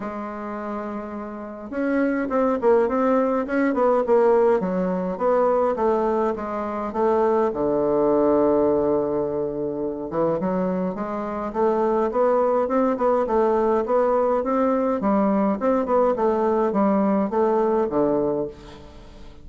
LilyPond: \new Staff \with { instrumentName = "bassoon" } { \time 4/4 \tempo 4 = 104 gis2. cis'4 | c'8 ais8 c'4 cis'8 b8 ais4 | fis4 b4 a4 gis4 | a4 d2.~ |
d4. e8 fis4 gis4 | a4 b4 c'8 b8 a4 | b4 c'4 g4 c'8 b8 | a4 g4 a4 d4 | }